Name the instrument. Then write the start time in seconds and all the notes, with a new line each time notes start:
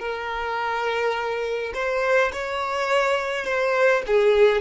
violin
0.00 A#4
1.75 C5
2.33 C#5
3.45 C5
4.07 G#4